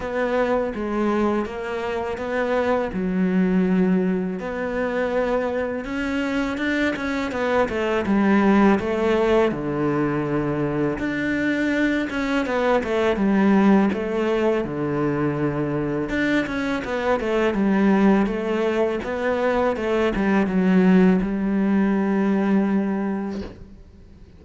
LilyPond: \new Staff \with { instrumentName = "cello" } { \time 4/4 \tempo 4 = 82 b4 gis4 ais4 b4 | fis2 b2 | cis'4 d'8 cis'8 b8 a8 g4 | a4 d2 d'4~ |
d'8 cis'8 b8 a8 g4 a4 | d2 d'8 cis'8 b8 a8 | g4 a4 b4 a8 g8 | fis4 g2. | }